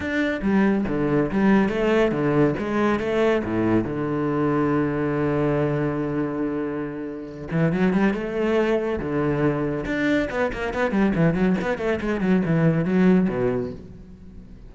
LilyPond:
\new Staff \with { instrumentName = "cello" } { \time 4/4 \tempo 4 = 140 d'4 g4 d4 g4 | a4 d4 gis4 a4 | a,4 d2.~ | d1~ |
d4. e8 fis8 g8 a4~ | a4 d2 d'4 | b8 ais8 b8 g8 e8 fis8 b8 a8 | gis8 fis8 e4 fis4 b,4 | }